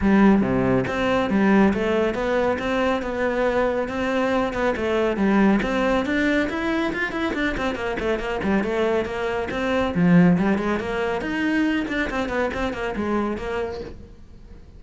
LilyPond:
\new Staff \with { instrumentName = "cello" } { \time 4/4 \tempo 4 = 139 g4 c4 c'4 g4 | a4 b4 c'4 b4~ | b4 c'4. b8 a4 | g4 c'4 d'4 e'4 |
f'8 e'8 d'8 c'8 ais8 a8 ais8 g8 | a4 ais4 c'4 f4 | g8 gis8 ais4 dis'4. d'8 | c'8 b8 c'8 ais8 gis4 ais4 | }